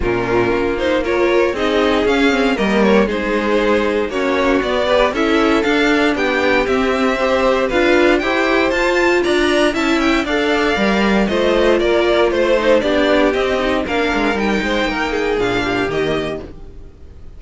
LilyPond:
<<
  \new Staff \with { instrumentName = "violin" } { \time 4/4 \tempo 4 = 117 ais'4. c''8 cis''4 dis''4 | f''4 dis''8 cis''8 c''2 | cis''4 d''4 e''4 f''4 | g''4 e''2 f''4 |
g''4 a''4 ais''4 a''8 g''8 | f''2 dis''4 d''4 | c''4 d''4 dis''4 f''4 | g''2 f''4 dis''4 | }
  \new Staff \with { instrumentName = "violin" } { \time 4/4 f'2 ais'4 gis'4~ | gis'4 ais'4 gis'2 | fis'4. b'8 a'2 | g'2 c''4 b'4 |
c''2 d''4 e''4 | d''2 c''4 ais'4 | c''4 g'2 ais'4~ | ais'8 c''8 ais'8 gis'4 g'4. | }
  \new Staff \with { instrumentName = "viola" } { \time 4/4 cis'4. dis'8 f'4 dis'4 | cis'8 c'8 ais4 dis'2 | cis'4 b8 g'8 e'4 d'4~ | d'4 c'4 g'4 f'4 |
g'4 f'2 e'4 | a'4 ais'4 f'2~ | f'8 dis'8 d'4 c'8 dis'8 d'4 | dis'2 d'4 ais4 | }
  \new Staff \with { instrumentName = "cello" } { \time 4/4 ais,4 ais2 c'4 | cis'4 g4 gis2 | ais4 b4 cis'4 d'4 | b4 c'2 d'4 |
e'4 f'4 d'4 cis'4 | d'4 g4 a4 ais4 | a4 b4 c'4 ais8 gis8 | g8 gis8 ais4 ais,4 dis4 | }
>>